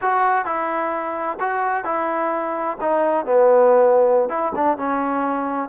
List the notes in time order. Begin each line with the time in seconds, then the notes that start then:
0.01 F#4
0.45 E4
1.40 F#4
1.84 E4
2.80 D#4
3.25 B3
4.29 E4
4.55 D4
4.77 C#4